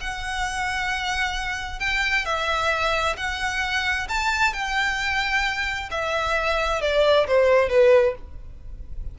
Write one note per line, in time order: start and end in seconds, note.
0.00 1.79 F#5
1.79 2.25 G5
2.25 3.16 E5
3.16 4.07 F#5
4.08 4.53 A5
4.53 5.89 G5
5.90 6.81 E5
6.81 7.26 D5
7.27 7.69 C5
7.69 8.14 B4